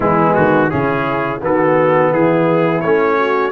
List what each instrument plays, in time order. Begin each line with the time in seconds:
0.00 tuba E3, trombone G#3, horn B3, trumpet E4
0.34 tuba D#3, trumpet F#4
0.69 tuba C#3, trombone C#4, horn E4, trumpet G#4
1.41 tuba D#3, trombone B3, horn F#4, trumpet A4
2.11 tuba E3, horn E4, trumpet G#4
2.81 tuba A3, trombone C#4, trumpet C#5
3.18 horn F#4